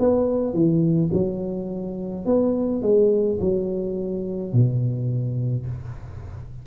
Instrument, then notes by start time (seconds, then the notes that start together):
tuba
0.00 B3
0.54 E3
1.13 F#3
2.26 B3
2.83 G#3
3.41 F#3
4.53 B2